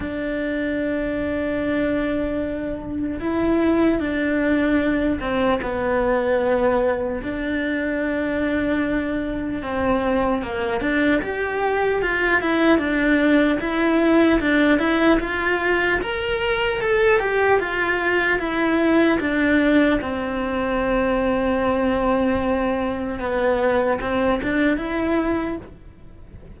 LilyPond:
\new Staff \with { instrumentName = "cello" } { \time 4/4 \tempo 4 = 75 d'1 | e'4 d'4. c'8 b4~ | b4 d'2. | c'4 ais8 d'8 g'4 f'8 e'8 |
d'4 e'4 d'8 e'8 f'4 | ais'4 a'8 g'8 f'4 e'4 | d'4 c'2.~ | c'4 b4 c'8 d'8 e'4 | }